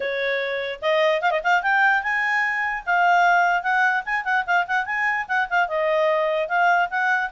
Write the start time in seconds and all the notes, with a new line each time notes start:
0.00 C#5
0.81 D#5
1.21 F5
1.30 D#5
1.43 F5
1.62 G5
2.02 G#5
2.86 F5
3.62 F#5
4.05 G#5
4.24 F#5
4.46 F5
4.67 F#5
4.85 G#5
5.28 F#5
5.49 F5
5.68 D#5
6.48 F5
6.90 F#5